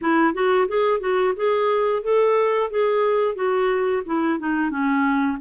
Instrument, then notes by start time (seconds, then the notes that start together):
clarinet
0.01 E4
0.33 F#4
0.68 G#4
1.00 F#4
1.35 G#4
2.02 A4
2.70 G#4
3.35 F#4
4.05 E4
4.39 D#4
4.70 C#4